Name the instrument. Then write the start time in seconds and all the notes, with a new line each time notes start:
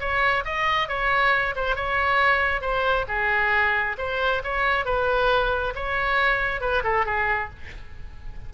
oboe
0.00 C#5
0.45 D#5
0.88 C#5
1.56 C5
1.75 C#5
2.61 C5
3.08 G#4
3.98 C5
4.43 C#5
4.85 B4
5.75 C#5
6.61 B4
6.83 A4
7.05 G#4